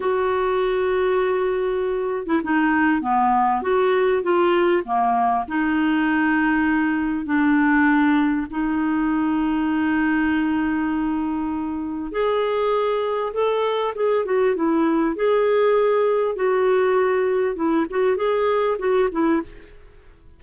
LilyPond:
\new Staff \with { instrumentName = "clarinet" } { \time 4/4 \tempo 4 = 99 fis'2.~ fis'8. e'16 | dis'4 b4 fis'4 f'4 | ais4 dis'2. | d'2 dis'2~ |
dis'1 | gis'2 a'4 gis'8 fis'8 | e'4 gis'2 fis'4~ | fis'4 e'8 fis'8 gis'4 fis'8 e'8 | }